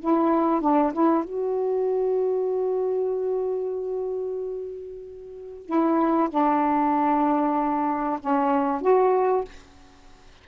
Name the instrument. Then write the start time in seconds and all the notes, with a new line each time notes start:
saxophone
0.00 E4
0.61 D4
0.93 E4
1.23 F#4
5.66 E4
6.30 D4
8.20 C#4
8.81 F#4